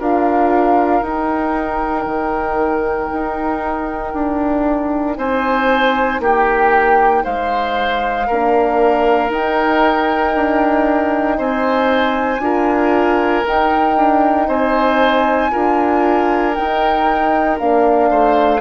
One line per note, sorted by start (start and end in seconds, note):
0.00 1.02 D4
0.00 1.03 F4
0.00 5.17 A#4
0.00 1.04 F5
1.02 2.06 D#4
1.02 8.27 D#4
1.02 5.17 G5
2.06 3.10 D#3
3.13 4.14 D#4
4.14 5.18 D4
5.17 6.20 C4
5.17 6.22 C5
5.17 6.21 G#5
6.20 7.24 A#3
6.20 7.24 G4
6.20 7.25 G5
7.24 8.30 G#3
7.24 8.27 C5
7.24 9.32 F5
8.27 9.30 A#3
8.27 9.32 D4
8.27 11.37 A#4
9.30 10.34 D#4
9.30 12.41 D#4
9.30 11.39 G5
10.36 11.39 D4
11.38 12.40 C4
11.38 12.42 C5
11.38 13.46 G#5
12.40 13.43 D4
12.40 13.44 F4
12.40 14.48 A#4
13.44 15.51 D#4
13.44 13.97 D#4
13.44 14.49 G5
13.97 14.48 D4
14.48 15.52 C4
14.48 15.52 C5
14.48 16.55 G#5
15.52 16.58 D4
15.52 16.55 F4
15.52 18.11 A#4
16.55 17.58 D#4
16.55 17.60 D#4
16.55 17.59 G5
17.58 18.11 A#3
17.58 18.62 D4
17.58 18.62 F5
18.11 18.62 A3
18.11 18.62 C5